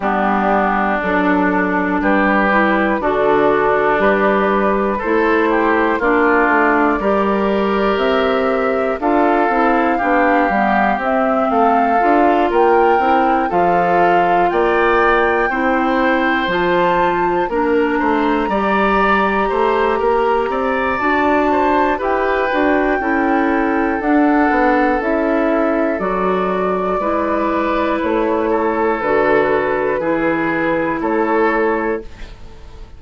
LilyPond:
<<
  \new Staff \with { instrumentName = "flute" } { \time 4/4 \tempo 4 = 60 g'4 a'4 b'4 a'4 | b'4 c''4 d''2 | e''4 f''2 e''8 f''8~ | f''8 g''4 f''4 g''4.~ |
g''8 a''4 ais''2~ ais''8~ | ais''4 a''4 g''2 | fis''4 e''4 d''2 | cis''4 b'2 cis''4 | }
  \new Staff \with { instrumentName = "oboe" } { \time 4/4 d'2 g'4 d'4~ | d'4 a'8 g'8 f'4 ais'4~ | ais'4 a'4 g'4. a'8~ | a'8 ais'4 a'4 d''4 c''8~ |
c''4. ais'8 c''8 d''4 c''8 | ais'8 d''4 c''8 b'4 a'4~ | a'2. b'4~ | b'8 a'4. gis'4 a'4 | }
  \new Staff \with { instrumentName = "clarinet" } { \time 4/4 b4 d'4. e'8 fis'4 | g'4 e'4 d'4 g'4~ | g'4 f'8 e'8 d'8 b8 c'4 | f'4 e'8 f'2 e'8~ |
e'8 f'4 d'4 g'4.~ | g'4 fis'4 g'8 fis'8 e'4 | d'4 e'4 fis'4 e'4~ | e'4 fis'4 e'2 | }
  \new Staff \with { instrumentName = "bassoon" } { \time 4/4 g4 fis4 g4 d4 | g4 a4 ais8 a8 g4 | c'4 d'8 c'8 b8 g8 c'8 a8 | d'8 ais8 c'8 f4 ais4 c'8~ |
c'8 f4 ais8 a8 g4 a8 | ais8 c'8 d'4 e'8 d'8 cis'4 | d'8 b8 cis'4 fis4 gis4 | a4 d4 e4 a4 | }
>>